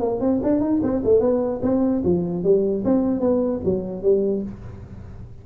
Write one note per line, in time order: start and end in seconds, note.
0.00 0.20 A#3
0.20 0.40 C4
0.43 0.61 D4
0.61 0.81 D#4
0.83 1.03 C4
1.05 1.20 A3
1.20 1.61 B3
1.62 2.02 C4
2.04 2.44 F3
2.44 2.84 G3
2.85 3.20 C4
3.20 3.61 B3
3.65 4.02 F#3
4.02 4.43 G3